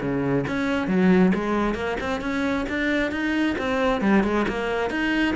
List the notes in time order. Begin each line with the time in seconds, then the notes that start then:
0.00 C#3
0.47 C#4
0.87 F#3
1.34 G#3
1.74 A#3
2.00 C4
2.21 C#4
2.68 D4
3.11 D#4
3.58 C4
4.01 G3
4.23 G#3
4.48 A#3
4.90 D#4